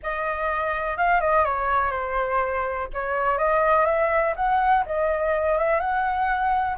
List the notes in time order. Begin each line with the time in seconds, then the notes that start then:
0.02 D#5
0.97 F5
1.21 D#5
1.44 C#5
1.91 C5
2.93 C#5
3.38 D#5
3.85 E5
4.35 F#5
4.86 D#5
5.58 E5
5.80 F#5